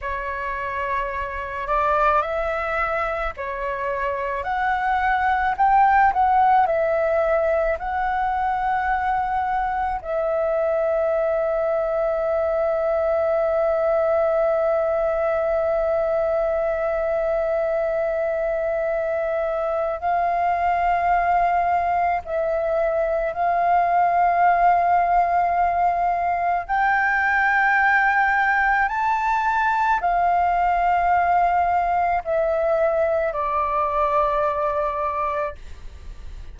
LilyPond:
\new Staff \with { instrumentName = "flute" } { \time 4/4 \tempo 4 = 54 cis''4. d''8 e''4 cis''4 | fis''4 g''8 fis''8 e''4 fis''4~ | fis''4 e''2.~ | e''1~ |
e''2 f''2 | e''4 f''2. | g''2 a''4 f''4~ | f''4 e''4 d''2 | }